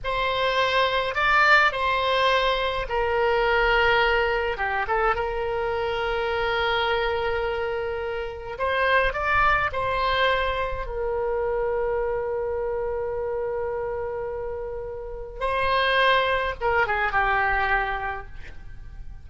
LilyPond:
\new Staff \with { instrumentName = "oboe" } { \time 4/4 \tempo 4 = 105 c''2 d''4 c''4~ | c''4 ais'2. | g'8 a'8 ais'2.~ | ais'2. c''4 |
d''4 c''2 ais'4~ | ais'1~ | ais'2. c''4~ | c''4 ais'8 gis'8 g'2 | }